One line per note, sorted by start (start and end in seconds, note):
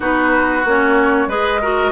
0.00 0.64 B3
0.00 0.62 D#4
0.00 1.28 F#4
0.00 0.66 B4
0.64 1.27 A#3
0.64 1.28 C#4
0.64 1.29 C#5
1.27 1.91 G#3
1.27 1.60 G#4
1.27 1.60 B4
1.27 1.91 D#5
1.61 1.91 F#4
1.61 1.91 A#4